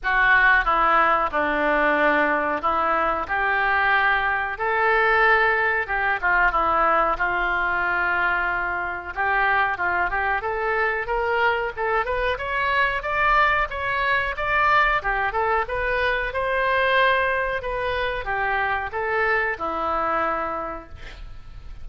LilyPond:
\new Staff \with { instrumentName = "oboe" } { \time 4/4 \tempo 4 = 92 fis'4 e'4 d'2 | e'4 g'2 a'4~ | a'4 g'8 f'8 e'4 f'4~ | f'2 g'4 f'8 g'8 |
a'4 ais'4 a'8 b'8 cis''4 | d''4 cis''4 d''4 g'8 a'8 | b'4 c''2 b'4 | g'4 a'4 e'2 | }